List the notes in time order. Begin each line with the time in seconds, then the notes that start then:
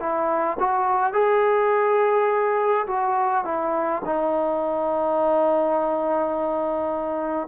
0.00 E4
0.60 F#4
1.13 G#4
2.87 F#4
3.45 E4
4.05 D#4